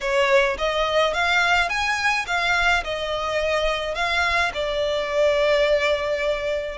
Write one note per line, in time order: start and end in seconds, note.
0.00 0.57 C#5
0.58 1.13 D#5
1.13 1.69 F5
1.69 2.25 G#5
2.26 2.83 F5
2.84 3.94 D#5
3.94 4.51 F5
4.54 6.77 D5